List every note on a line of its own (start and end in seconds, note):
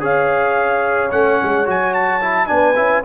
0.00 1.11 C#4
0.00 1.10 G#4
0.00 2.49 C#5
0.00 1.11 F5
1.11 1.39 A3
1.11 1.66 C#4
1.11 1.66 F#5
1.43 1.67 G#3
1.66 2.50 F#3
1.66 2.21 F#4
1.66 1.94 G#5
1.94 2.47 A5
2.21 2.47 E4
2.47 2.77 B3
2.47 2.74 D4
2.47 3.02 G#5
2.53 3.04 B4
2.76 3.04 C#4
2.76 3.04 E4